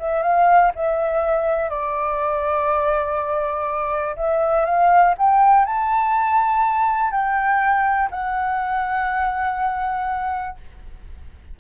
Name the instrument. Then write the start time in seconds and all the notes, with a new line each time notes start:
flute
0.00 E5
0.23 F5
0.76 E5
1.70 D5
4.16 E5
4.66 F5
5.18 G5
5.66 A5
7.12 G5
8.11 F#5